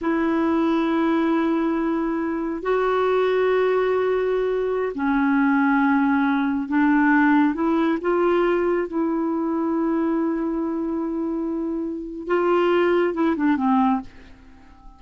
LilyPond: \new Staff \with { instrumentName = "clarinet" } { \time 4/4 \tempo 4 = 137 e'1~ | e'2 fis'2~ | fis'2.~ fis'16 cis'8.~ | cis'2.~ cis'16 d'8.~ |
d'4~ d'16 e'4 f'4.~ f'16~ | f'16 e'2.~ e'8.~ | e'1 | f'2 e'8 d'8 c'4 | }